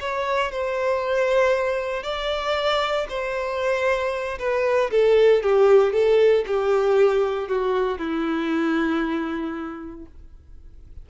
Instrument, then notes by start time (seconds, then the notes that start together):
violin
0.00 C#5
0.52 C5
2.03 D5
3.09 C5
4.38 B4
4.91 A4
5.43 G4
5.93 A4
6.47 G4
7.48 F#4
7.98 E4